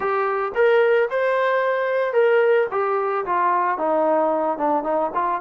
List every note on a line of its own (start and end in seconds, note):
0.00 0.52 G4
0.55 1.09 A#4
1.10 2.13 C5
2.13 2.67 A#4
2.71 3.25 G4
3.25 3.78 F4
3.78 4.57 D#4
4.57 4.83 D4
4.83 5.10 D#4
5.14 5.41 F4